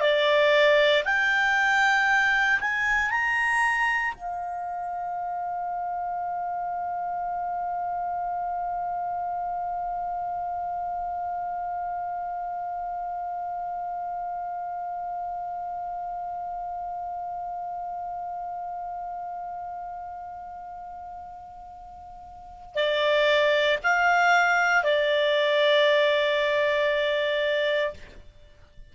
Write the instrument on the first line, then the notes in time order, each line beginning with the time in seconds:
clarinet
0.00 D5
1.05 G5
2.60 G#5
3.10 A#5
4.15 F5
22.75 D5
23.83 F5
24.83 D5